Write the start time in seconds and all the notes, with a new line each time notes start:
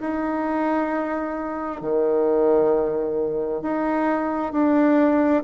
0.00 D#4
1.81 D#3
3.62 D#4
4.52 D4